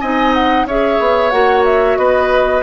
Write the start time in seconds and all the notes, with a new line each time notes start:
0.00 C4 D#4 D#5 G#5
0.34 F#5
0.65 C#4 G#4 C#5 E5
0.99 B3
1.30 A#3 F#4 F#5
1.64 E5
1.97 B3 B4 D#5